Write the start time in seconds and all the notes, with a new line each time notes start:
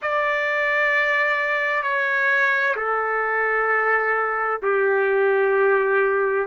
0.02 D5
1.83 C#5
2.76 A4
4.62 G4